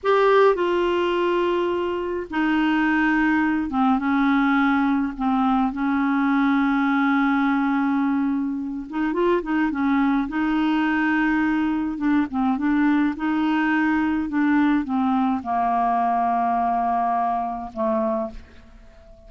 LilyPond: \new Staff \with { instrumentName = "clarinet" } { \time 4/4 \tempo 4 = 105 g'4 f'2. | dis'2~ dis'8 c'8 cis'4~ | cis'4 c'4 cis'2~ | cis'2.~ cis'8 dis'8 |
f'8 dis'8 cis'4 dis'2~ | dis'4 d'8 c'8 d'4 dis'4~ | dis'4 d'4 c'4 ais4~ | ais2. a4 | }